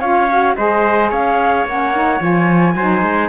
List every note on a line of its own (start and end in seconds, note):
0.00 0.57 C#4
0.00 0.29 F4
0.00 0.55 C#5
0.00 0.56 F5
0.30 0.57 F#4
0.56 1.12 G#3
0.56 1.67 G#4
0.56 1.11 C5
0.56 1.11 D#5
1.11 1.66 C#4
1.11 2.76 C#5
1.11 1.67 F5
1.66 2.21 A#3
1.66 1.95 C#4
1.66 2.23 F#5
1.95 2.20 D#4
2.20 2.76 F3
2.20 2.75 F4
2.20 3.30 G#5
2.76 3.03 F#3
2.76 3.30 D#4
2.76 3.30 C5
3.03 3.30 G#3